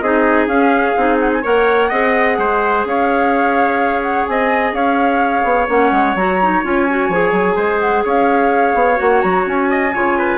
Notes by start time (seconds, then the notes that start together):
0.00 C4 D#4 G#4 D#5
0.47 C#4 F5
0.96 C4 D#4
1.19 F#5
1.32 G#5
1.41 A#3 A#4 C#5 F#5
1.89 C4 G#4 D#5
2.37 G#3 C5
2.84 C#4 C#5 F5
4.02 F#5
4.26 C4 D#5 G#5
4.72 C#4 C#5 F5
5.44 B3
5.68 A#3 C#4 F#5
5.91 G#3
6.15 F#3 F#4 A#5
6.41 D#4
6.63 C#4 F4 G#5
6.89 F#4
7.09 F3 G#4
7.32 F#3
7.55 G#3 C5
7.79 F#5
8.04 C#4 C#5 F5
8.74 B3
8.95 A#3 F#4 F#5
9.21 F#3 A#5
9.46 C#4 G#5
9.69 D#5
9.94 C#3 F4 C#5
10.18 B4